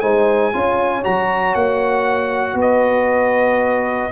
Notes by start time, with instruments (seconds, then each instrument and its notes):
0.00 tuba G#3, trombone D#4, horn C5, trumpet G#5
0.53 tuba C#4, trombone F4, horn C#5
1.03 tuba F#3, trombone F#4, trumpet A#5
1.55 tuba A#3, trumpet F#5
2.54 tuba B3, horn B4
2.61 trumpet D#5